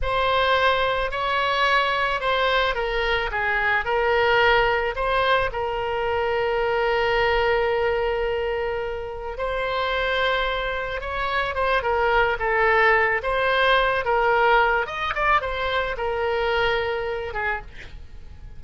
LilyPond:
\new Staff \with { instrumentName = "oboe" } { \time 4/4 \tempo 4 = 109 c''2 cis''2 | c''4 ais'4 gis'4 ais'4~ | ais'4 c''4 ais'2~ | ais'1~ |
ais'4 c''2. | cis''4 c''8 ais'4 a'4. | c''4. ais'4. dis''8 d''8 | c''4 ais'2~ ais'8 gis'8 | }